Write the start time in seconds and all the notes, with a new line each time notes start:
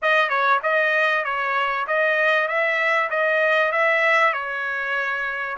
0.01 D#5
0.29 C#5
0.62 D#5
1.24 C#5
1.87 D#5
2.47 E5
3.10 D#5
3.71 E5
4.33 C#5